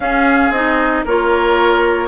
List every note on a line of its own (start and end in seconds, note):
0.00 0.50 C#4
0.00 0.53 C#4
0.00 1.04 G#4
0.00 0.52 F5
0.50 1.02 C4
0.50 1.06 D#4
0.50 1.04 D#5
1.04 2.08 A#3
1.04 2.08 F4
1.04 2.08 A#4
1.04 2.08 C#5